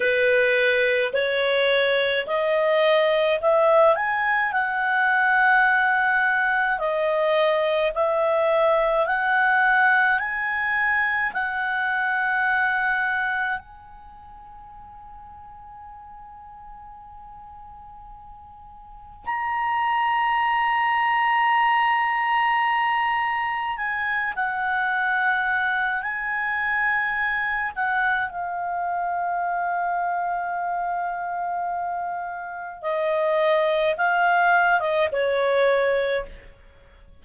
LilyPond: \new Staff \with { instrumentName = "clarinet" } { \time 4/4 \tempo 4 = 53 b'4 cis''4 dis''4 e''8 gis''8 | fis''2 dis''4 e''4 | fis''4 gis''4 fis''2 | gis''1~ |
gis''4 ais''2.~ | ais''4 gis''8 fis''4. gis''4~ | gis''8 fis''8 f''2.~ | f''4 dis''4 f''8. dis''16 cis''4 | }